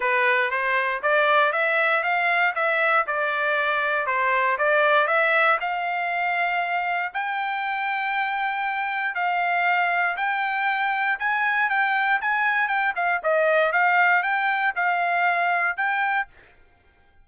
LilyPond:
\new Staff \with { instrumentName = "trumpet" } { \time 4/4 \tempo 4 = 118 b'4 c''4 d''4 e''4 | f''4 e''4 d''2 | c''4 d''4 e''4 f''4~ | f''2 g''2~ |
g''2 f''2 | g''2 gis''4 g''4 | gis''4 g''8 f''8 dis''4 f''4 | g''4 f''2 g''4 | }